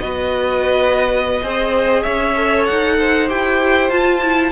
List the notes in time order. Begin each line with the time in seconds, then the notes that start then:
0.00 B3 F#4 B4 D#5
1.43 C4 G#4 C5
2.03 C#4 C#5 E5
2.36 A4
2.66 D#4 F#5
2.98 C5
3.28 E4 G4 G5
3.90 F4 A5
4.22 E4